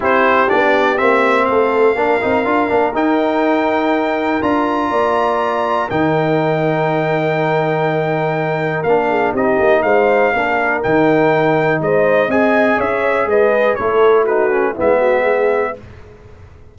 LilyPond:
<<
  \new Staff \with { instrumentName = "trumpet" } { \time 4/4 \tempo 4 = 122 c''4 d''4 e''4 f''4~ | f''2 g''2~ | g''4 ais''2. | g''1~ |
g''2 f''4 dis''4 | f''2 g''2 | dis''4 gis''4 e''4 dis''4 | cis''4 b'4 e''2 | }
  \new Staff \with { instrumentName = "horn" } { \time 4/4 g'2. a'4 | ais'1~ | ais'2 d''2 | ais'1~ |
ais'2~ ais'8 gis'8 g'4 | c''4 ais'2. | c''4 dis''4 cis''4 b'4 | a'4 fis'4 e'8 fis'8 gis'4 | }
  \new Staff \with { instrumentName = "trombone" } { \time 4/4 e'4 d'4 c'2 | d'8 dis'8 f'8 d'8 dis'2~ | dis'4 f'2. | dis'1~ |
dis'2 d'4 dis'4~ | dis'4 d'4 dis'2~ | dis'4 gis'2. | e'4 dis'8 cis'8 b2 | }
  \new Staff \with { instrumentName = "tuba" } { \time 4/4 c'4 b4 ais4 a4 | ais8 c'8 d'8 ais8 dis'2~ | dis'4 d'4 ais2 | dis1~ |
dis2 ais4 c'8 ais8 | gis4 ais4 dis2 | gis4 c'4 cis'4 gis4 | a2 gis2 | }
>>